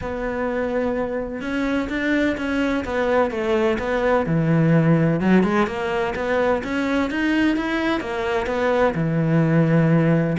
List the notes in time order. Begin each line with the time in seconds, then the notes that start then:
0.01 B3
1.41 C#4
1.89 D4
2.37 C#4
2.85 B3
3.30 A3
3.78 B3
4.26 E3
5.20 F#3
5.43 G#3
5.66 A#3
6.15 B3
6.63 C#4
7.10 D#4
7.56 E4
8.00 A#3
8.46 B3
8.94 E3